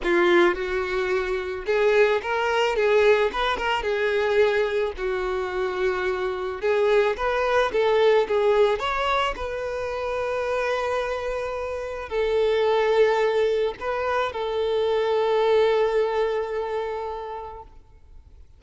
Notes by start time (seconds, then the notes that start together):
0.03 F4
0.55 F#4
1.66 G#4
2.22 A#4
2.75 G#4
3.32 B4
3.57 A#4
3.82 G#4
4.97 F#4
6.61 G#4
7.16 B4
7.72 A4
8.27 G#4
8.79 C#5
9.36 B4
12.09 A4
13.80 B4
14.32 A4